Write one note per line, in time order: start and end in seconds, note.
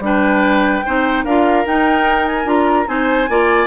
0.00 0.82 G3
0.00 0.85 D4
0.00 0.86 B4
0.00 1.25 G5
0.86 1.24 C4
0.86 1.27 D#4
0.86 1.25 C5
1.24 1.65 D4
1.24 1.66 F4
1.24 2.88 A#4
1.24 1.66 F5
1.66 2.45 D#4
1.66 2.46 D#4
1.66 2.28 G5
2.28 2.48 G#5
2.45 2.86 D4
2.45 2.86 F4
2.45 2.88 A#5
2.87 3.29 C4
2.87 3.28 D#4
2.87 3.30 C5
2.87 3.67 G#5
3.29 3.67 A#3
3.29 3.67 F4
3.29 3.67 D5